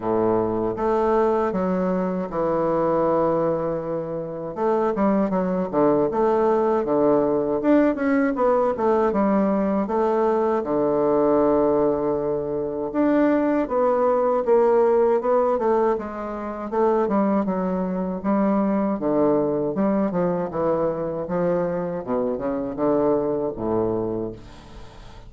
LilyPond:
\new Staff \with { instrumentName = "bassoon" } { \time 4/4 \tempo 4 = 79 a,4 a4 fis4 e4~ | e2 a8 g8 fis8 d8 | a4 d4 d'8 cis'8 b8 a8 | g4 a4 d2~ |
d4 d'4 b4 ais4 | b8 a8 gis4 a8 g8 fis4 | g4 d4 g8 f8 e4 | f4 b,8 cis8 d4 a,4 | }